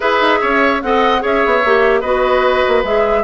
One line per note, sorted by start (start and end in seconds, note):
0.00 0.20 E4
0.00 0.80 G#4
0.00 0.39 B4
0.00 0.82 E5
0.20 0.41 D#4
0.40 0.82 C#4
0.40 0.81 C#5
0.82 1.23 C4
0.82 1.19 A4
0.82 1.22 D#5
0.82 1.22 F#5
1.19 1.44 C#4
1.19 1.60 G#4
1.19 2.00 C#5
1.19 2.01 E5
1.45 1.64 B3
1.64 2.02 A#3
1.64 2.03 G4
2.00 2.63 B3
2.00 2.84 F#4
2.00 3.22 B4
2.00 2.82 D#5
2.68 2.83 A#3
2.83 3.24 G#3
2.83 3.24 G#4
2.83 3.24 E5